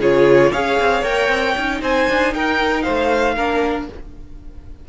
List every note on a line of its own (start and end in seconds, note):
0.00 0.52 C#3
0.00 0.53 F4
0.00 0.51 G#4
0.00 0.52 C#5
0.51 0.80 C#4
0.51 1.04 G#4
0.51 1.81 C#5
0.51 1.04 F5
0.80 1.03 C4
1.03 1.29 A#3
1.03 1.55 A#4
1.03 1.82 G5
1.29 1.55 C4
1.57 1.82 C#4
1.57 3.37 D#4
1.82 2.07 C4
1.82 2.34 C5
1.82 2.34 G#5
2.09 2.34 D4
2.34 2.86 D#4
2.34 2.84 A#4
2.34 2.82 G5
2.82 3.35 C5
2.82 3.86 F5
2.89 3.37 A3
3.36 3.89 A#3
3.36 3.89 D4
3.36 3.87 A#4